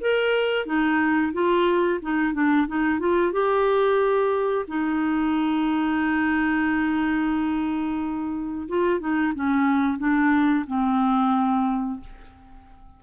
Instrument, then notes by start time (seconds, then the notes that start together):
clarinet
0.00 A#4
0.65 D#4
1.33 F4
2.02 D#4
2.33 D4
2.67 D#4
2.99 F4
3.32 G4
4.67 D#4
8.68 F4
8.99 D#4
9.34 C#4
9.98 D4
10.66 C4